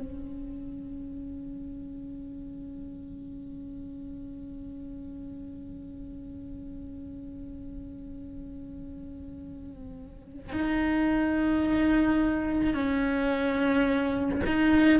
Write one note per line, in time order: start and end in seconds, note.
0.00 10.53 C#4
10.53 12.74 D#4
12.74 14.41 C#4
14.46 14.99 D#4